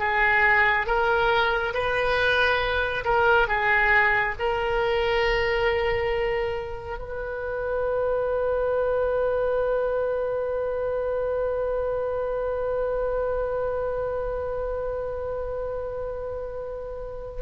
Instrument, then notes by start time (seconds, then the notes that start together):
oboe
0.00 G#4
0.87 A#4
1.74 B4
3.05 A#4
3.48 G#4
4.40 A#4
6.99 B4